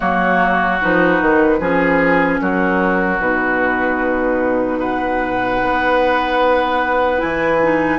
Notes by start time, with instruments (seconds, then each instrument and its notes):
0.00 bassoon F#3, clarinet A#3, oboe F#4, flute C#5
0.81 bassoon F3, clarinet D#4, flute B4
1.21 bassoon D#3
1.59 bassoon F3, clarinet C#4, oboe G#4
2.40 bassoon F#3, oboe F#4, flute A#4
3.18 bassoon B2, clarinet D#4, flute B4
4.79 oboe B4, flute F#5
5.62 bassoon B3
7.18 bassoon E3, clarinet E4, flute G#5
7.63 clarinet D#4